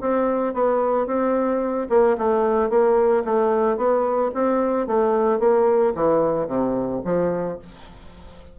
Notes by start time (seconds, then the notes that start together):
0.00 C4
0.53 B3
1.06 C4
1.89 A#3
2.17 A3
2.69 A#3
3.24 A3
3.77 B3
4.34 C4
4.87 A3
5.39 A#3
5.95 E3
6.47 C3
7.04 F3